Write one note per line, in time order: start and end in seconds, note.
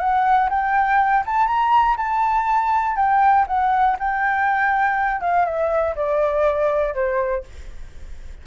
0.00 0.50 F#5
0.50 1.25 G5
1.26 1.47 A5
1.47 1.97 A#5
1.97 2.96 A5
2.96 3.46 G5
3.48 3.97 F#5
4.00 5.21 G5
5.21 5.45 F5
5.45 5.95 E5
5.96 6.95 D5
6.95 7.44 C5